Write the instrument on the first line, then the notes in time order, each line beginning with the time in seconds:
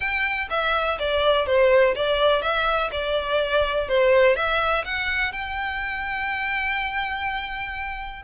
violin
0.00 G5
0.50 E5
0.99 D5
1.46 C5
1.95 D5
2.41 E5
2.91 D5
3.88 C5
4.35 E5
4.85 F#5
5.32 G5